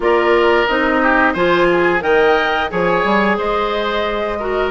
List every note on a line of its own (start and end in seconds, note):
0.00 0.64 A#3
0.00 0.67 F4
0.00 1.02 A#4
0.00 0.67 D5
0.67 1.35 C4
0.67 1.35 D#4
0.67 1.34 D#5
1.02 1.33 G4
1.33 2.01 F3
1.33 2.00 F4
1.33 1.67 C5
1.33 2.01 G#5
1.70 2.03 G#4
2.00 2.69 D#3
2.00 2.67 A#4
2.00 2.71 D#5
2.00 2.70 G5
2.70 3.04 F3
2.70 4.38 G#4
2.70 3.37 C#5
2.70 3.37 G#5
3.04 3.38 G3
3.37 4.71 G#3
3.37 4.38 C5
3.37 4.71 D#5
4.39 4.71 F#4
4.39 4.71 A#4